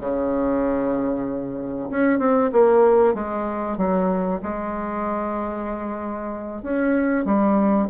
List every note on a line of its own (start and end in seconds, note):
0.00 1.89 C#3
1.90 2.19 C#4
2.19 2.51 C4
2.52 3.14 A#3
3.14 3.78 G#3
3.78 4.41 F#3
4.43 6.63 G#3
6.63 7.25 C#4
7.25 7.88 G3